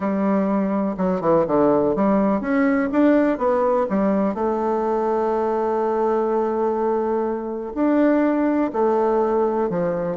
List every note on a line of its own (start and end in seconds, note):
0.00 0.96 G3
0.97 1.21 F#3
1.21 1.45 E3
1.47 1.95 D3
1.95 2.40 G3
2.40 2.89 C#4
2.91 3.38 D4
3.38 3.86 B3
3.89 4.34 G3
4.34 7.73 A3
7.74 8.71 D4
8.72 9.69 A3
9.69 10.17 F3